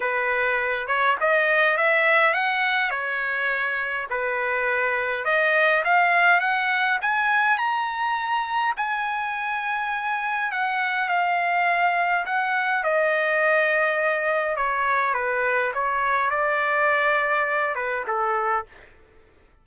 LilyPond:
\new Staff \with { instrumentName = "trumpet" } { \time 4/4 \tempo 4 = 103 b'4. cis''8 dis''4 e''4 | fis''4 cis''2 b'4~ | b'4 dis''4 f''4 fis''4 | gis''4 ais''2 gis''4~ |
gis''2 fis''4 f''4~ | f''4 fis''4 dis''2~ | dis''4 cis''4 b'4 cis''4 | d''2~ d''8 b'8 a'4 | }